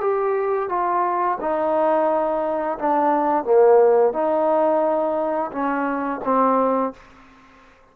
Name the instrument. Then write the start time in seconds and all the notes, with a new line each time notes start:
trombone
0.00 G4
0.69 F4
1.40 D#4
2.78 D4
3.44 A#3
4.13 D#4
5.51 C#4
6.24 C4